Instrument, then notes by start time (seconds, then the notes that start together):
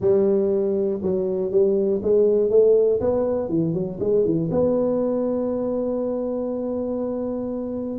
tuba
0.00 G3
1.02 F#3
1.51 G3
2.02 G#3
2.50 A3
3.00 B3
3.48 E3
3.73 F#3
4.00 G#3
4.24 E3
4.51 B3